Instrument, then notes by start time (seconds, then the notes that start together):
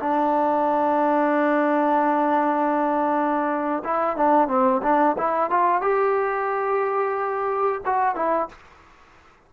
trombone
0.00 D4
3.85 E4
4.17 D4
4.48 C4
4.83 D4
5.18 E4
5.51 F4
5.82 G4
7.86 F#4
8.16 E4